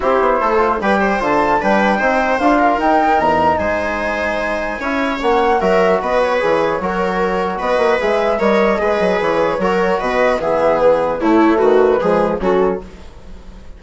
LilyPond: <<
  \new Staff \with { instrumentName = "flute" } { \time 4/4 \tempo 4 = 150 c''2 g''4 a''4 | g''2 f''4 g''4 | ais''4 gis''2.~ | gis''4 fis''4 e''4 dis''8 cis''8~ |
cis''2. dis''4 | e''4 dis''2 cis''4~ | cis''4 dis''4 e''4 b'4 | cis''4 b'2 a'4 | }
  \new Staff \with { instrumentName = "viola" } { \time 4/4 g'4 a'4 b'8 c''4. | b'4 c''4. ais'4.~ | ais'4 c''2. | cis''2 ais'4 b'4~ |
b'4 ais'2 b'4~ | b'4 cis''4 b'2 | ais'4 b'4 gis'2 | e'4 fis'4 gis'4 fis'4 | }
  \new Staff \with { instrumentName = "trombone" } { \time 4/4 e'4. f'8 g'4 f'4 | d'4 dis'4 f'4 dis'4~ | dis'1 | e'4 cis'4 fis'2 |
gis'4 fis'2. | gis'4 ais'4 gis'2 | fis'2 b2 | a2 gis4 cis'4 | }
  \new Staff \with { instrumentName = "bassoon" } { \time 4/4 c'8 b8 a4 g4 d4 | g4 c'4 d'4 dis'4 | e,4 gis2. | cis'4 ais4 fis4 b4 |
e4 fis2 b8 ais8 | gis4 g4 gis8 fis8 e4 | fis4 b,4 e2 | a4 dis4 f4 fis4 | }
>>